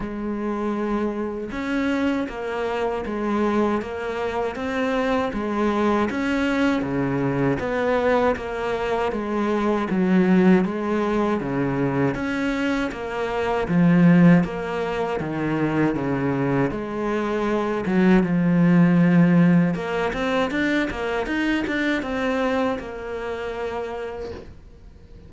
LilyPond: \new Staff \with { instrumentName = "cello" } { \time 4/4 \tempo 4 = 79 gis2 cis'4 ais4 | gis4 ais4 c'4 gis4 | cis'4 cis4 b4 ais4 | gis4 fis4 gis4 cis4 |
cis'4 ais4 f4 ais4 | dis4 cis4 gis4. fis8 | f2 ais8 c'8 d'8 ais8 | dis'8 d'8 c'4 ais2 | }